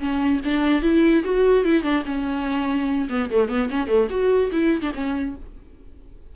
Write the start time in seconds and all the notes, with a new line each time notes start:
0.00 C#4
0.45 D4
0.83 E4
1.25 F#4
1.65 E4
1.83 D4
2.06 C#4
3.10 B3
3.31 A3
3.49 B3
3.70 C#4
3.88 A3
4.10 F#4
4.52 E4
4.82 D4
4.95 C#4